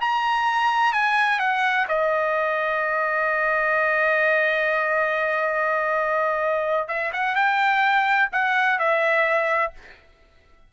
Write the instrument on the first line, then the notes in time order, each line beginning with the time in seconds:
trumpet
0.00 A#5
0.92 G#5
1.39 F#5
1.88 D#5
6.88 E5
7.12 F#5
7.35 G5
8.32 F#5
8.78 E5